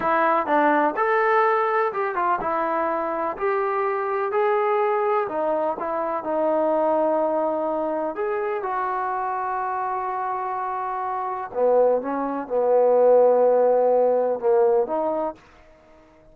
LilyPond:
\new Staff \with { instrumentName = "trombone" } { \time 4/4 \tempo 4 = 125 e'4 d'4 a'2 | g'8 f'8 e'2 g'4~ | g'4 gis'2 dis'4 | e'4 dis'2.~ |
dis'4 gis'4 fis'2~ | fis'1 | b4 cis'4 b2~ | b2 ais4 dis'4 | }